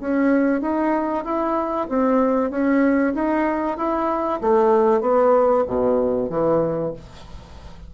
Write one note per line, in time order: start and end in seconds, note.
0.00 0.61 C#4
0.61 1.24 D#4
1.24 1.87 E4
1.89 2.50 C4
2.50 3.13 C#4
3.14 3.77 D#4
3.77 4.40 E4
4.41 5.01 A3
5.01 5.64 B3
5.67 6.30 B2
6.30 6.93 E3